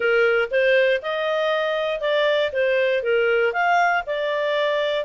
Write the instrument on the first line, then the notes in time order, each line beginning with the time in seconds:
clarinet
0.00 A#4
0.50 C5
1.02 D#5
2.00 D5
2.52 C5
3.03 A#4
3.52 F5
4.06 D5